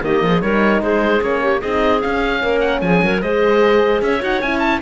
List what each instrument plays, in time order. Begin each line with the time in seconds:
0.00 cello D#3, horn A#3, clarinet G4, oboe D#5
0.22 cello F3, clarinet G#4
0.41 cello G3, horn D#4, clarinet A#4, oboe C#5
0.81 cello G#3, clarinet G#4, oboe C5
1.19 cello A#3, horn C#4, oboe C#5
1.42 clarinet G4
1.60 cello C4, horn D#4, clarinet G#4, oboe D#5
2.00 horn C#4, cello C#4, oboe F5
2.41 cello A#3, clarinet A#4
2.60 oboe F#5
2.81 cello F3, clarinet G#4, oboe G#5
3.02 cello F#3, clarinet A#4
3.21 cello G#3, horn G#4, clarinet C5, oboe D#5
4.01 cello C#4, clarinet C#5, oboe E5
4.21 cello D#4, horn F#4, oboe F#5
4.41 cello C#4, horn E4, oboe G#5
4.58 oboe A5